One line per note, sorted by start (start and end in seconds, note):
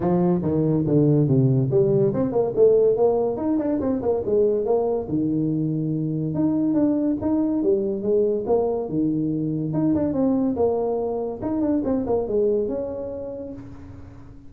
0.00 0.41 F3
0.42 0.84 D#3
0.86 1.27 D3
1.27 1.69 C3
1.71 2.13 G3
2.13 2.32 C4
2.32 2.53 A#3
2.55 2.96 A3
2.96 3.36 A#3
3.36 3.58 D#4
3.58 3.79 D4
3.80 4.01 C4
4.01 4.23 A#3
4.25 4.65 G#3
4.65 5.07 A#3
5.09 6.34 D#3
6.34 6.74 D#4
6.74 7.16 D4
7.21 7.62 D#4
7.62 8.02 G3
8.02 8.44 G#3
8.46 8.88 A#3
8.88 9.73 D#3
9.73 9.94 D#4
9.94 10.13 D4
10.13 10.55 C4
10.56 11.40 A#3
11.42 11.60 D#4
11.60 11.82 D4
11.84 12.05 C4
12.06 12.27 A#3
12.27 12.68 G#3
12.68 13.52 C#4